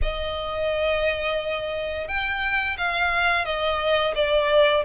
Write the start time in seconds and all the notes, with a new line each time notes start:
0.02 D#5
2.08 G5
2.77 F5
3.45 D#5
4.15 D5